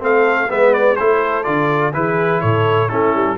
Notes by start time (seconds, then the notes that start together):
0.00 A3 C4 A4 F5
0.49 G#3 B3 B4 E5
0.73 D5
0.96 A3 E4 A4 C5
1.44 D3 F4 D5
1.93 E3 E4 G#4 B4
2.41 A2 A4 C#5
2.89 A3 C#4 E4 A4
3.14 G3